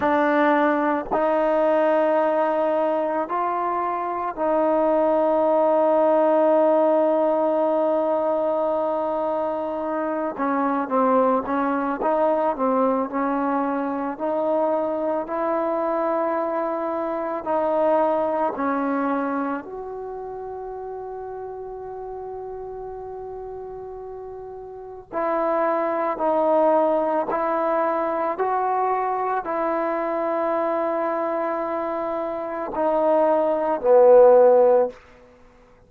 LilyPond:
\new Staff \with { instrumentName = "trombone" } { \time 4/4 \tempo 4 = 55 d'4 dis'2 f'4 | dis'1~ | dis'4. cis'8 c'8 cis'8 dis'8 c'8 | cis'4 dis'4 e'2 |
dis'4 cis'4 fis'2~ | fis'2. e'4 | dis'4 e'4 fis'4 e'4~ | e'2 dis'4 b4 | }